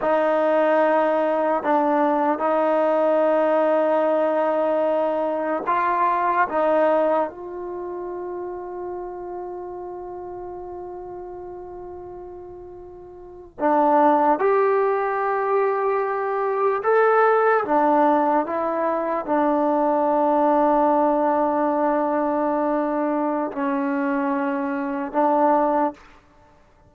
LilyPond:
\new Staff \with { instrumentName = "trombone" } { \time 4/4 \tempo 4 = 74 dis'2 d'4 dis'4~ | dis'2. f'4 | dis'4 f'2.~ | f'1~ |
f'8. d'4 g'2~ g'16~ | g'8. a'4 d'4 e'4 d'16~ | d'1~ | d'4 cis'2 d'4 | }